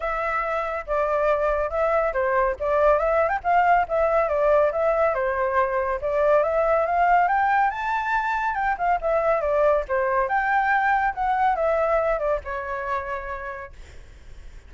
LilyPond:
\new Staff \with { instrumentName = "flute" } { \time 4/4 \tempo 4 = 140 e''2 d''2 | e''4 c''4 d''4 e''8. g''16 | f''4 e''4 d''4 e''4 | c''2 d''4 e''4 |
f''4 g''4 a''2 | g''8 f''8 e''4 d''4 c''4 | g''2 fis''4 e''4~ | e''8 d''8 cis''2. | }